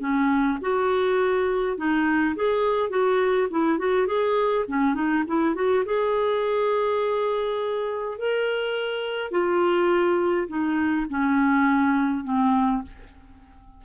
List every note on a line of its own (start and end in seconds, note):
0.00 0.58 C#4
0.61 1.77 F#4
1.77 2.35 D#4
2.36 2.90 G#4
2.90 3.48 F#4
3.51 3.79 E4
3.79 4.07 F#4
4.07 4.65 G#4
4.68 4.95 C#4
4.95 5.24 D#4
5.27 5.55 E4
5.55 5.84 F#4
5.85 8.18 G#4
8.18 9.31 A#4
9.31 10.48 F4
10.48 11.07 D#4
11.10 12.24 C#4
12.24 12.82 C4